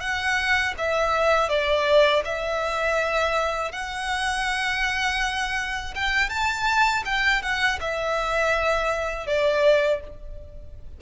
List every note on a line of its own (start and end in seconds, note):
0.00 0.74 F#5
0.78 1.49 E5
1.49 2.23 D5
2.24 3.72 E5
3.72 5.94 F#5
5.95 6.29 G5
6.29 7.03 A5
7.05 7.42 G5
7.42 7.79 F#5
7.80 9.26 E5
9.26 10.00 D5